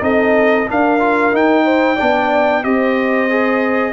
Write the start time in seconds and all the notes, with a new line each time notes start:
0.00 C4 D#4 A4 D#5
0.68 D4 A#4 F5
1.00 F4
1.32 D#4 G5
1.64 C5
1.96 B3 D4 D5
2.63 C4 G4 C5 D#5
3.30 G#4